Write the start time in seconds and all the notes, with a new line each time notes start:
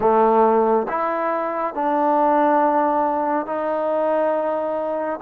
0.00 A3
0.88 E4
1.74 D4
3.46 D#4